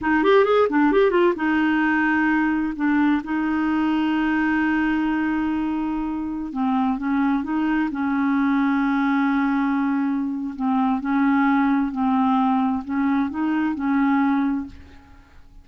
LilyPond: \new Staff \with { instrumentName = "clarinet" } { \time 4/4 \tempo 4 = 131 dis'8 g'8 gis'8 d'8 g'8 f'8 dis'4~ | dis'2 d'4 dis'4~ | dis'1~ | dis'2~ dis'16 c'4 cis'8.~ |
cis'16 dis'4 cis'2~ cis'8.~ | cis'2. c'4 | cis'2 c'2 | cis'4 dis'4 cis'2 | }